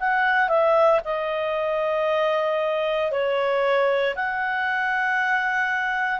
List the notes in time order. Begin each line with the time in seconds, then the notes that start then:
0.00 F#5
0.48 E5
1.04 D#5
3.11 C#5
4.15 F#5